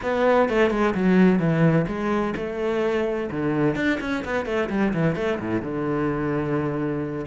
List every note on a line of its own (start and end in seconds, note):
0.02 0.49 B3
0.49 0.70 A3
0.70 0.94 G#3
0.94 1.39 F#3
1.39 1.86 E3
1.87 2.34 G#3
2.36 3.30 A3
3.30 3.75 D3
3.75 3.99 D4
4.00 4.24 C#4
4.24 4.45 B3
4.45 4.69 A3
4.69 4.93 G3
4.93 5.15 E3
5.15 5.38 A3
5.39 5.61 A2
5.61 7.25 D3